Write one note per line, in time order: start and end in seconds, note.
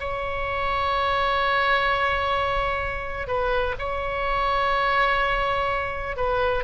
0.00 3.28 C#5
3.28 3.75 B4
3.79 6.16 C#5
6.16 6.64 B4